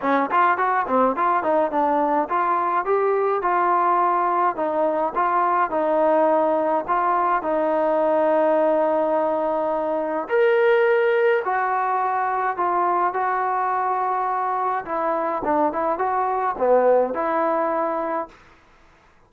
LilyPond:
\new Staff \with { instrumentName = "trombone" } { \time 4/4 \tempo 4 = 105 cis'8 f'8 fis'8 c'8 f'8 dis'8 d'4 | f'4 g'4 f'2 | dis'4 f'4 dis'2 | f'4 dis'2.~ |
dis'2 ais'2 | fis'2 f'4 fis'4~ | fis'2 e'4 d'8 e'8 | fis'4 b4 e'2 | }